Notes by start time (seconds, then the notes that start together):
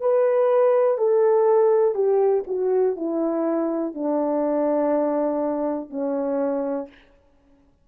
0.00 B4
0.98 A4
1.94 G4
2.47 F#4
2.96 E4
3.94 D4
5.90 C#4